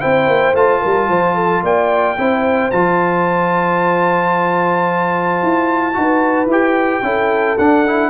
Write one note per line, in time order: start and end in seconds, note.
0.00 0.27 C4
0.00 0.54 E4
0.00 0.80 C5
0.00 0.54 G5
0.27 0.53 A#3
0.53 0.80 A3
0.53 2.16 F4
0.53 1.64 A5
0.80 1.08 G3
0.80 1.07 A#4
1.08 1.62 F3
1.08 1.35 C5
1.35 1.62 A4
1.62 2.16 A#3
1.62 2.18 D5
1.62 2.71 G5
2.18 2.72 C4
2.18 2.72 E4
2.18 5.98 C5
2.71 5.42 F3
2.71 5.93 F4
2.71 6.49 A5
5.42 5.96 E4
5.93 6.45 D#4
5.93 6.47 F#4
5.93 7.04 B4
6.45 6.99 E4
6.45 7.03 G4
6.45 7.58 G5
7.02 7.56 C#4
7.02 7.57 E4
7.02 8.10 A4
7.58 8.10 D4
7.58 7.86 D4
7.58 8.10 F#5
7.86 8.10 E4